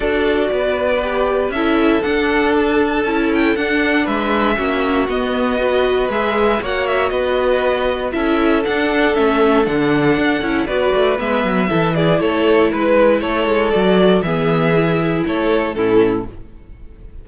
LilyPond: <<
  \new Staff \with { instrumentName = "violin" } { \time 4/4 \tempo 4 = 118 d''2. e''4 | fis''4 a''4. g''8 fis''4 | e''2 dis''2 | e''4 fis''8 e''8 dis''2 |
e''4 fis''4 e''4 fis''4~ | fis''4 d''4 e''4. d''8 | cis''4 b'4 cis''4 d''4 | e''2 cis''4 a'4 | }
  \new Staff \with { instrumentName = "violin" } { \time 4/4 a'4 b'2 a'4~ | a'1 | b'4 fis'2 b'4~ | b'4 cis''4 b'2 |
a'1~ | a'4 b'2 a'8 gis'8 | a'4 b'4 a'2 | gis'2 a'4 e'4 | }
  \new Staff \with { instrumentName = "viola" } { \time 4/4 fis'2 g'4 e'4 | d'2 e'4 d'4~ | d'4 cis'4 b4 fis'4 | gis'4 fis'2. |
e'4 d'4 cis'4 d'4~ | d'8 e'8 fis'4 b4 e'4~ | e'2. fis'4 | b4 e'2 cis'4 | }
  \new Staff \with { instrumentName = "cello" } { \time 4/4 d'4 b2 cis'4 | d'2 cis'4 d'4 | gis4 ais4 b2 | gis4 ais4 b2 |
cis'4 d'4 a4 d4 | d'8 cis'8 b8 a8 gis8 fis8 e4 | a4 gis4 a8 gis8 fis4 | e2 a4 a,4 | }
>>